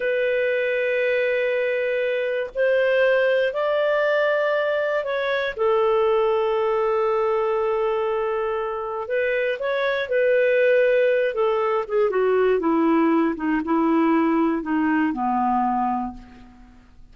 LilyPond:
\new Staff \with { instrumentName = "clarinet" } { \time 4/4 \tempo 4 = 119 b'1~ | b'4 c''2 d''4~ | d''2 cis''4 a'4~ | a'1~ |
a'2 b'4 cis''4 | b'2~ b'8 a'4 gis'8 | fis'4 e'4. dis'8 e'4~ | e'4 dis'4 b2 | }